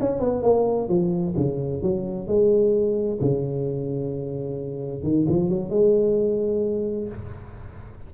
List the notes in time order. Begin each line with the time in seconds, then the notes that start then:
0.00 C#4
0.20 B3
0.43 A#3
0.88 F3
1.37 C#3
1.82 F#3
2.27 G#3
3.21 C#3
5.03 D#3
5.28 F3
5.49 F#3
5.70 G#3